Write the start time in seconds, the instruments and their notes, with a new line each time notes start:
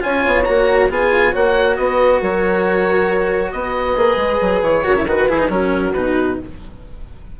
0.00 bassoon C#4, cello F4, horn C#5, oboe G#5
0.25 bassoon B3
0.44 bassoon A#3, cello F#4, oboe A#5
0.90 bassoon B3, cello F4, horn G#4, oboe G#5
1.32 bassoon A#3, cello F#4, horn C#5, oboe F#5
1.77 bassoon B3, horn B4, oboe D#5
2.20 bassoon F#3, horn A#4, oboe C#5
3.52 bassoon B3, horn B4, oboe D#5
3.97 bassoon A#3, cello G#4
4.17 bassoon G#3
4.41 bassoon F#3
4.62 bassoon E3, oboe C#5
4.84 bassoon C#3, cello F#4, horn A#4
4.95 cello E4
5.06 bassoon D#3, cello F#4, horn B4, oboe B4
5.28 bassoon E3, cello E4, oboe G#4
5.39 cello D#4
5.49 bassoon F#3, cello C#4, horn F#4, oboe A#4
5.93 bassoon B2, cello D#4, oboe B4